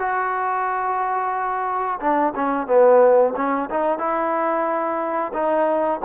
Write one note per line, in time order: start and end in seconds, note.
0.00 2.00 F#4
2.01 2.34 D4
2.36 2.68 C#4
2.68 3.34 B3
3.37 3.70 C#4
3.71 3.99 D#4
3.99 5.33 E4
5.34 6.01 D#4